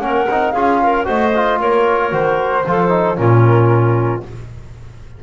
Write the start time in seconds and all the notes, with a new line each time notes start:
0.00 A#3 C#4 A#4 F#5
0.29 C4 D#4
0.51 C#4 F4 G#4 F5
0.84 A#4
1.04 A3 F#4 C5 D#5
1.35 F4
1.59 A#3 A#4 C#5
2.11 D#3 F#4 C5
2.66 F3 F4 A4
2.89 D#4
3.16 A#2 C#4 F4 A#4